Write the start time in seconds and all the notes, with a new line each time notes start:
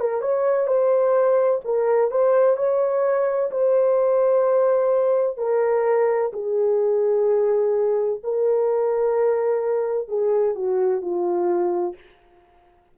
0.00 A#4
0.22 C#5
0.67 C5
1.65 A#4
2.11 C5
2.57 C#5
3.51 C5
5.38 A#4
6.33 G#4
8.24 A#4
10.08 G#4
10.55 F#4
11.02 F4